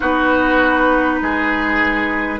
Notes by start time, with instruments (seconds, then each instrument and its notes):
0.00 bassoon B3, clarinet D#4, oboe F#4, flute B4
1.21 bassoon G#3, oboe G#4